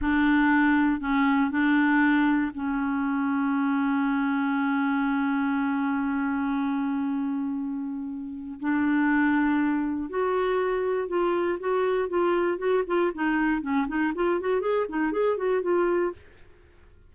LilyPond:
\new Staff \with { instrumentName = "clarinet" } { \time 4/4 \tempo 4 = 119 d'2 cis'4 d'4~ | d'4 cis'2.~ | cis'1~ | cis'1~ |
cis'4 d'2. | fis'2 f'4 fis'4 | f'4 fis'8 f'8 dis'4 cis'8 dis'8 | f'8 fis'8 gis'8 dis'8 gis'8 fis'8 f'4 | }